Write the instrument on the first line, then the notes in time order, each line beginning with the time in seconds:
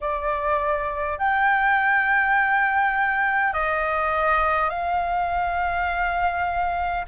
flute
0.00 D5
1.18 G5
3.53 D#5
4.70 F5